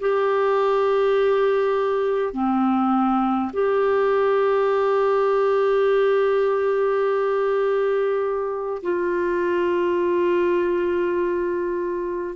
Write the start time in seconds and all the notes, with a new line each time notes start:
0.00 G4
2.33 C4
3.52 G4
8.82 F4